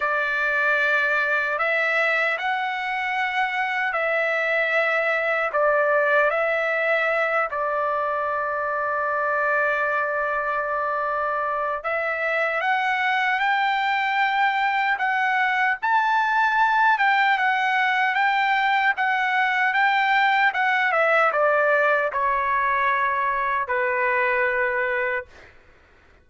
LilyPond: \new Staff \with { instrumentName = "trumpet" } { \time 4/4 \tempo 4 = 76 d''2 e''4 fis''4~ | fis''4 e''2 d''4 | e''4. d''2~ d''8~ | d''2. e''4 |
fis''4 g''2 fis''4 | a''4. g''8 fis''4 g''4 | fis''4 g''4 fis''8 e''8 d''4 | cis''2 b'2 | }